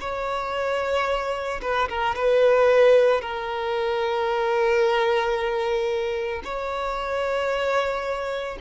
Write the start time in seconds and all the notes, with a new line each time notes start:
0.00 C#5
1.62 B4
1.88 A#4
2.15 B4
3.21 A#4
6.44 C#5